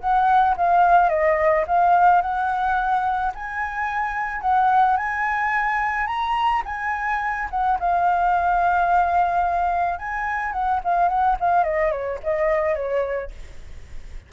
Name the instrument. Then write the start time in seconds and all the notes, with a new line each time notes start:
flute
0.00 F#5
0.57 F5
1.09 D#5
1.67 F5
2.21 F#5
3.35 G#5
4.41 F#5
4.97 G#5
6.07 A#5
6.65 G#5
7.51 F#5
7.80 F5
9.99 G#5
10.52 F#5
10.84 F5
11.08 F#5
11.40 F5
11.64 D#5
11.91 C#5
12.23 D#5
12.75 C#5